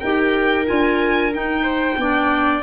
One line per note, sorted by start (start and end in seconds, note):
0.00 0.69 D#4
0.00 0.66 G4
0.00 1.63 A#4
0.00 0.66 G5
0.66 1.36 D4
0.66 1.32 F4
0.66 1.34 G#5
1.33 1.99 D#4
1.33 1.98 D#4
1.33 2.63 G5
1.63 1.96 C5
1.98 2.63 B3
1.98 2.63 D4
1.98 2.63 D5